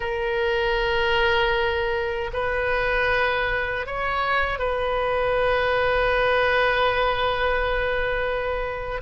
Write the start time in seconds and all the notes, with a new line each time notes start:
0.00 A#4
2.33 B4
3.86 C#5
4.58 B4